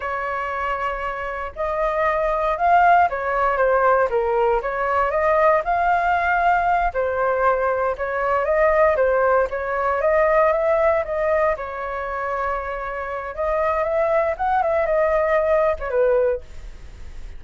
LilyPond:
\new Staff \with { instrumentName = "flute" } { \time 4/4 \tempo 4 = 117 cis''2. dis''4~ | dis''4 f''4 cis''4 c''4 | ais'4 cis''4 dis''4 f''4~ | f''4. c''2 cis''8~ |
cis''8 dis''4 c''4 cis''4 dis''8~ | dis''8 e''4 dis''4 cis''4.~ | cis''2 dis''4 e''4 | fis''8 e''8 dis''4.~ dis''16 cis''16 b'4 | }